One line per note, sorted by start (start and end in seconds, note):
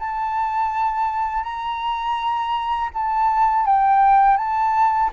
0.00 1.44 A5
1.44 2.90 A#5
2.94 3.66 A5
3.66 4.37 G5
4.37 5.11 A5